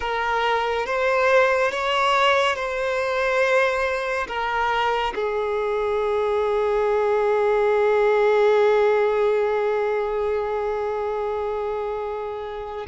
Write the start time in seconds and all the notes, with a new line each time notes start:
0.00 A#4
0.86 C5
1.71 C#5
2.55 C5
4.27 A#4
5.14 G#4